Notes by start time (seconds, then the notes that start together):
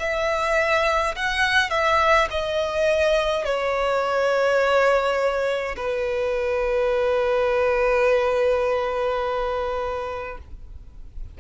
0.00 E5
1.16 F#5
1.70 E5
2.31 D#5
3.45 C#5
5.76 B4